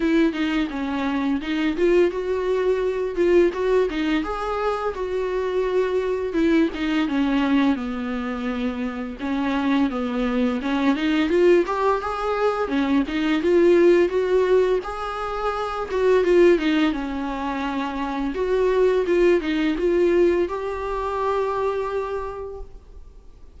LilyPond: \new Staff \with { instrumentName = "viola" } { \time 4/4 \tempo 4 = 85 e'8 dis'8 cis'4 dis'8 f'8 fis'4~ | fis'8 f'8 fis'8 dis'8 gis'4 fis'4~ | fis'4 e'8 dis'8 cis'4 b4~ | b4 cis'4 b4 cis'8 dis'8 |
f'8 g'8 gis'4 cis'8 dis'8 f'4 | fis'4 gis'4. fis'8 f'8 dis'8 | cis'2 fis'4 f'8 dis'8 | f'4 g'2. | }